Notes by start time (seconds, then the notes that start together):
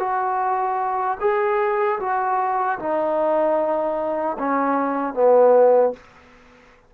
0.00 F#4
1.21 G#4
2.00 F#4
2.80 D#4
4.39 C#4
5.15 B3